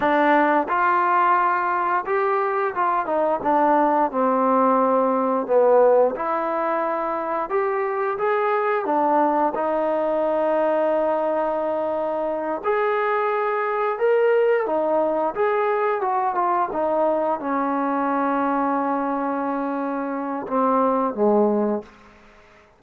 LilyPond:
\new Staff \with { instrumentName = "trombone" } { \time 4/4 \tempo 4 = 88 d'4 f'2 g'4 | f'8 dis'8 d'4 c'2 | b4 e'2 g'4 | gis'4 d'4 dis'2~ |
dis'2~ dis'8 gis'4.~ | gis'8 ais'4 dis'4 gis'4 fis'8 | f'8 dis'4 cis'2~ cis'8~ | cis'2 c'4 gis4 | }